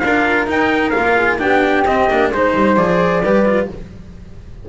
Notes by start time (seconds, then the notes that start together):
0.00 D4 F4 A#4 F5
0.48 D#4 G5
0.91 F4 F5
0.98 A#3
1.16 G#4
1.39 B3 D4 G4 G5
1.86 C4 D#5
2.11 A#3 D4
2.31 G#3 D#4 C5
2.37 C5
2.55 G3
2.77 F3 G#4 D5
3.23 G3 G4 B4
3.46 F4